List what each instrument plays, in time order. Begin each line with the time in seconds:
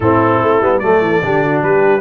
0.00 tuba A2, trombone C4, horn E4, trumpet A4
0.42 tuba A3
0.60 tuba G3, trombone B3
0.79 tuba F#3, trombone A3, horn A4, trumpet D5
1.01 tuba E3
1.23 tuba D3, trombone D4, horn G4
1.43 horn F#4
1.62 tuba G3, horn G4, trumpet B4